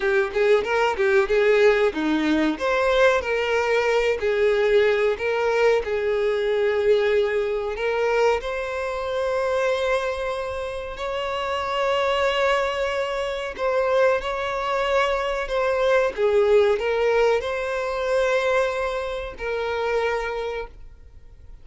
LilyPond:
\new Staff \with { instrumentName = "violin" } { \time 4/4 \tempo 4 = 93 g'8 gis'8 ais'8 g'8 gis'4 dis'4 | c''4 ais'4. gis'4. | ais'4 gis'2. | ais'4 c''2.~ |
c''4 cis''2.~ | cis''4 c''4 cis''2 | c''4 gis'4 ais'4 c''4~ | c''2 ais'2 | }